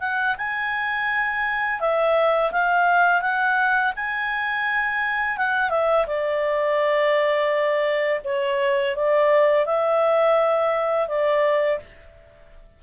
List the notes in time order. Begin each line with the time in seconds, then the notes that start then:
0.00 F#5
0.38 G#5
1.80 E5
2.52 F5
3.21 F#5
3.96 G#5
5.37 F#5
5.70 E5
6.07 D5
8.24 C#5
8.96 D5
9.66 E5
11.08 D5